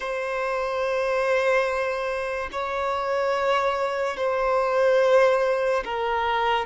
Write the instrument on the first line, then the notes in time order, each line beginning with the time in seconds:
violin
0.00 C5
2.52 C#5
4.17 C5
5.84 A#4